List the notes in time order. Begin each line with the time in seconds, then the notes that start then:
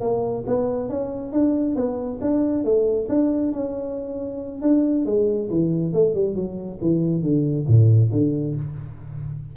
0.00 A#3
0.46 B3
0.89 C#4
1.32 D4
1.75 B3
2.21 D4
2.64 A3
3.08 D4
3.52 C#4
4.61 D4
5.05 G#3
5.50 E3
5.93 A3
6.14 G3
6.35 F#3
6.81 E3
7.22 D3
7.67 A2
8.11 D3